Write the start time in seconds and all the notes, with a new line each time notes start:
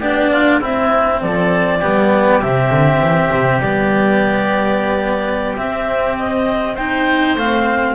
0.00 B3 D4 G4 D5
0.32 F4
0.61 C4 E4 E5
1.22 F3 A4 D5
1.79 G3 B3 G4
2.42 C3 C4 E5
2.71 D3
3.01 E3
3.33 C3
3.60 G3 B3 D5
5.57 C4 E5
6.19 D#5
6.75 D#4 C5 G5
7.36 A3 C4 F5